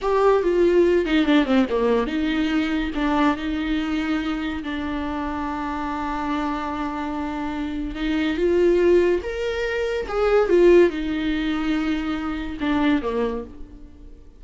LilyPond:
\new Staff \with { instrumentName = "viola" } { \time 4/4 \tempo 4 = 143 g'4 f'4. dis'8 d'8 c'8 | ais4 dis'2 d'4 | dis'2. d'4~ | d'1~ |
d'2. dis'4 | f'2 ais'2 | gis'4 f'4 dis'2~ | dis'2 d'4 ais4 | }